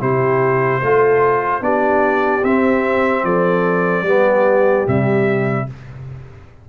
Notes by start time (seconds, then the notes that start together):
0.00 C3 E4 G4 C5
0.82 A3 F4 A4
1.61 B3 D4 G4 D5
2.43 C4 E5
3.23 F3 A4 D5
4.02 G3 B3 G4
4.86 C3 G3 E5